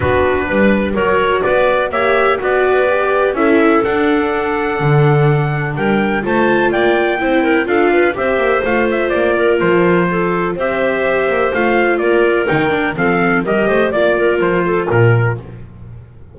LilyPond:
<<
  \new Staff \with { instrumentName = "trumpet" } { \time 4/4 \tempo 4 = 125 b'2 cis''4 d''4 | e''4 d''2 e''4 | fis''1 | g''4 a''4 g''2 |
f''4 e''4 f''8 e''8 d''4 | c''2 e''2 | f''4 d''4 g''4 f''4 | dis''4 d''4 c''4 ais'4 | }
  \new Staff \with { instrumentName = "clarinet" } { \time 4/4 fis'4 b'4 ais'4 b'4 | cis''4 b'2 a'4~ | a'1 | ais'4 c''4 d''4 c''8 ais'8 |
a'8 b'8 c''2~ c''8 ais'8~ | ais'4 a'4 c''2~ | c''4 ais'2 a'4 | ais'8 c''8 d''8 ais'4 a'8 ais'4 | }
  \new Staff \with { instrumentName = "viola" } { \time 4/4 d'2 fis'2 | g'4 fis'4 g'4 e'4 | d'1~ | d'4 f'2 e'4 |
f'4 g'4 f'2~ | f'2 g'2 | f'2 dis'8 d'8 c'4 | g'4 f'2. | }
  \new Staff \with { instrumentName = "double bass" } { \time 4/4 b4 g4 fis4 b4 | ais4 b2 cis'4 | d'2 d2 | g4 a4 ais4 c'4 |
d'4 c'8 ais8 a4 ais4 | f2 c'4. ais8 | a4 ais4 dis4 f4 | g8 a8 ais4 f4 ais,4 | }
>>